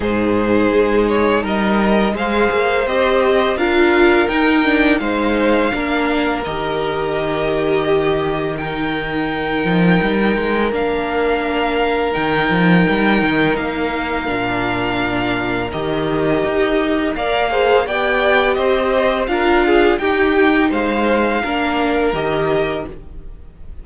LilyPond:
<<
  \new Staff \with { instrumentName = "violin" } { \time 4/4 \tempo 4 = 84 c''4. cis''8 dis''4 f''4 | dis''4 f''4 g''4 f''4~ | f''4 dis''2. | g''2. f''4~ |
f''4 g''2 f''4~ | f''2 dis''2 | f''4 g''4 dis''4 f''4 | g''4 f''2 dis''4 | }
  \new Staff \with { instrumentName = "violin" } { \time 4/4 gis'2 ais'4 c''4~ | c''4 ais'2 c''4 | ais'2. g'4 | ais'1~ |
ais'1~ | ais'1 | d''8 c''8 d''4 c''4 ais'8 gis'8 | g'4 c''4 ais'2 | }
  \new Staff \with { instrumentName = "viola" } { \time 4/4 dis'2. gis'4 | g'4 f'4 dis'8 d'8 dis'4 | d'4 g'2. | dis'2. d'4~ |
d'4 dis'2. | d'2 g'2 | ais'8 gis'8 g'2 f'4 | dis'2 d'4 g'4 | }
  \new Staff \with { instrumentName = "cello" } { \time 4/4 gis,4 gis4 g4 gis8 ais8 | c'4 d'4 dis'4 gis4 | ais4 dis2.~ | dis4. f8 g8 gis8 ais4~ |
ais4 dis8 f8 g8 dis8 ais4 | ais,2 dis4 dis'4 | ais4 b4 c'4 d'4 | dis'4 gis4 ais4 dis4 | }
>>